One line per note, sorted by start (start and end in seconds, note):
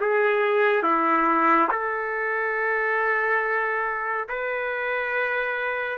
0.00 0.83 G#4
0.83 1.68 E4
1.71 4.28 A4
4.29 5.98 B4